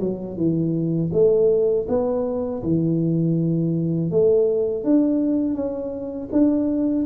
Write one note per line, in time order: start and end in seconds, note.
0.00 0.37 F#3
0.37 1.11 E3
1.13 1.87 A3
1.89 2.63 B3
2.63 4.11 E3
4.11 4.84 A3
4.84 5.55 D4
5.55 6.29 C#4
6.32 7.06 D4